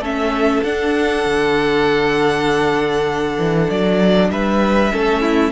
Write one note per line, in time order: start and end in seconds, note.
0.00 0.61 A3
0.00 0.65 C#4
0.00 4.29 A4
0.00 0.64 E5
0.64 1.25 D4
0.64 4.92 D4
0.64 3.70 F#5
1.26 3.38 D3
3.38 3.69 E3
3.70 4.31 F#3
3.70 4.31 D5
4.31 4.92 G3
4.31 4.93 B4
4.31 5.52 E5
4.92 5.52 A3
4.92 5.52 C#4
4.92 5.21 A4
5.21 5.52 E4